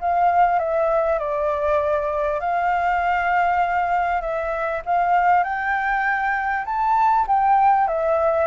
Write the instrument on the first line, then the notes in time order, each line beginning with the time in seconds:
flute
0.00 F5
0.58 E5
1.18 D5
2.40 F5
4.21 E5
4.85 F5
5.43 G5
6.65 A5
7.27 G5
7.87 E5